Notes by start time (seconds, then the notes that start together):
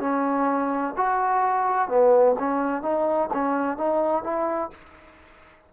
0.00 C#4
0.96 F#4
1.88 B3
2.39 C#4
2.82 D#4
3.33 C#4
3.78 D#4
4.23 E4